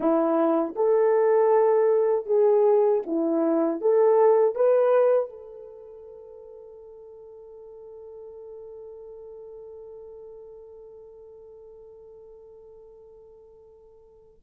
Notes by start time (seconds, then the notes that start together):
0.00 E4
0.75 A4
2.26 G#4
3.06 E4
3.81 A4
4.55 B4
5.29 A4